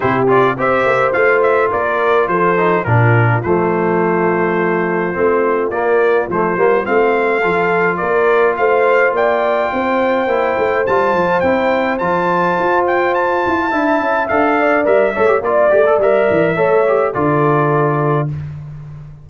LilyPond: <<
  \new Staff \with { instrumentName = "trumpet" } { \time 4/4 \tempo 4 = 105 c''8 d''8 e''4 f''8 e''8 d''4 | c''4 ais'4 c''2~ | c''2 d''4 c''4 | f''2 d''4 f''4 |
g''2. a''4 | g''4 a''4. g''8 a''4~ | a''4 f''4 e''4 d''4 | e''2 d''2 | }
  \new Staff \with { instrumentName = "horn" } { \time 4/4 g'4 c''2 ais'4 | a'4 f'2.~ | f'1~ | f'4 a'4 ais'4 c''4 |
d''4 c''2.~ | c''1 | e''4. d''4 cis''8 d''4~ | d''4 cis''4 a'2 | }
  \new Staff \with { instrumentName = "trombone" } { \time 4/4 e'8 f'8 g'4 f'2~ | f'8 dis'8 d'4 a2~ | a4 c'4 ais4 a8 ais8 | c'4 f'2.~ |
f'2 e'4 f'4 | e'4 f'2. | e'4 a'4 ais'8 a'16 g'16 f'8 g'16 a'16 | ais'4 a'8 g'8 f'2 | }
  \new Staff \with { instrumentName = "tuba" } { \time 4/4 c4 c'8 ais8 a4 ais4 | f4 ais,4 f2~ | f4 a4 ais4 f8 g8 | a4 f4 ais4 a4 |
ais4 c'4 ais8 a8 g8 f8 | c'4 f4 f'4. e'8 | d'8 cis'8 d'4 g8 a8 ais8 a8 | g8 e8 a4 d2 | }
>>